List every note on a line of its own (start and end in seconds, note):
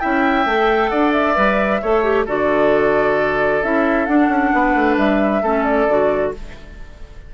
0.00 0.46 C#4
0.00 0.45 E4
0.00 0.91 E5
0.00 0.89 G5
0.46 0.91 A3
0.46 1.35 A4
0.89 1.37 D4
0.89 1.81 D5
0.89 1.12 F#5
1.12 2.25 E5
1.35 1.82 G3
1.35 1.80 B4
1.81 2.27 A3
1.81 2.03 A4
1.81 2.25 C#5
2.03 2.26 G4
2.25 3.63 D3
2.25 3.62 F#4
2.25 4.51 A4
2.25 3.63 D5
3.63 4.08 C#4
3.63 4.07 E4
3.63 4.06 E5
4.06 5.43 D4
4.06 4.28 D4
4.06 4.96 F#5
4.28 4.51 C#4
4.53 4.75 B3
4.53 5.42 B4
4.75 4.97 A3
4.97 5.42 G3
4.97 5.64 E5
5.42 5.87 A3
5.42 5.89 C#4
5.42 6.32 A4
5.64 6.31 D5
5.88 6.33 D3
5.88 6.34 F#4